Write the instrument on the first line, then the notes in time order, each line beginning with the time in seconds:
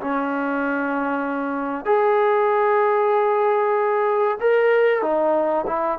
trombone
0.00 C#4
1.85 G#4
4.40 A#4
5.02 D#4
5.66 E4